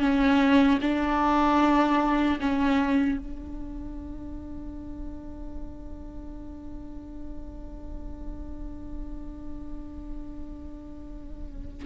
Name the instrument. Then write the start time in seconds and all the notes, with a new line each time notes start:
viola
0.00 C#4
0.81 D4
2.40 C#4
3.19 D4